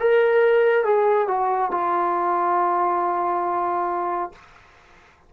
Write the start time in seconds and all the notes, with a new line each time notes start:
0.00 A#4
0.85 G#4
1.28 F#4
1.72 F4